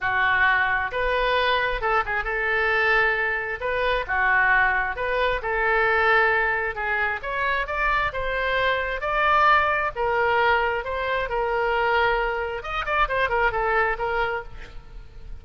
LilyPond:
\new Staff \with { instrumentName = "oboe" } { \time 4/4 \tempo 4 = 133 fis'2 b'2 | a'8 gis'8 a'2. | b'4 fis'2 b'4 | a'2. gis'4 |
cis''4 d''4 c''2 | d''2 ais'2 | c''4 ais'2. | dis''8 d''8 c''8 ais'8 a'4 ais'4 | }